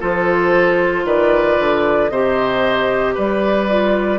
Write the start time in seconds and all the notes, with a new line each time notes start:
0.00 F3 F4 A4 C5
1.05 D#3 B4 D5
1.59 D3
2.09 C3 G4 C5 D#5
3.15 G3 B4 D5
3.70 F4